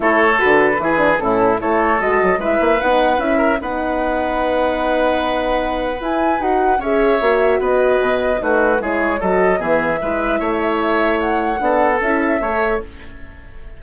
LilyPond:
<<
  \new Staff \with { instrumentName = "flute" } { \time 4/4 \tempo 4 = 150 cis''4 b'2 a'4 | cis''4 dis''4 e''4 fis''4 | e''4 fis''2.~ | fis''2. gis''4 |
fis''4 e''2 dis''4~ | dis''4 b'4 cis''4 dis''4 | e''1 | fis''2 e''2 | }
  \new Staff \with { instrumentName = "oboe" } { \time 4/4 a'2 gis'4 e'4 | a'2 b'2~ | b'8 ais'8 b'2.~ | b'1~ |
b'4 cis''2 b'4~ | b'4 fis'4 gis'4 a'4 | gis'4 b'4 cis''2~ | cis''4 a'2 cis''4 | }
  \new Staff \with { instrumentName = "horn" } { \time 4/4 e'4 fis'4 e'8 d'8 cis'4 | e'4 fis'4 e'4 dis'4 | e'4 dis'2.~ | dis'2. e'4 |
fis'4 gis'4 fis'2~ | fis'4 dis'4 e'4 fis'4 | b4 e'2.~ | e'4 d'4 e'4 a'4 | }
  \new Staff \with { instrumentName = "bassoon" } { \time 4/4 a4 d4 e4 a,4 | a4 gis8 fis8 gis8 ais8 b4 | cis'4 b2.~ | b2. e'4 |
dis'4 cis'4 ais4 b4 | b,4 a4 gis4 fis4 | e4 gis4 a2~ | a4 b4 cis'4 a4 | }
>>